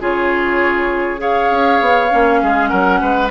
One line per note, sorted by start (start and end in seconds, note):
0.00 1.50 C#3
0.00 1.18 F4
0.00 1.21 G#4
0.00 1.20 C#5
1.18 2.08 G#4
1.18 2.41 C#5
1.18 2.68 F5
1.51 1.81 C#4
1.81 2.11 B3
2.10 2.43 A#3
2.10 3.30 C#4
2.42 2.72 G#3
2.42 2.69 G#4
2.68 3.02 F#3
2.68 2.99 A#4
2.68 3.28 F#5
3.01 3.31 G#3
3.01 3.31 B4